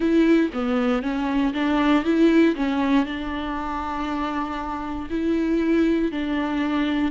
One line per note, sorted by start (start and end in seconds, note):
0.00 0.50 E4
0.53 1.02 B3
1.02 1.53 C#4
1.53 2.04 D4
2.04 2.55 E4
2.55 3.05 C#4
3.05 5.08 D4
5.10 6.11 E4
6.11 7.11 D4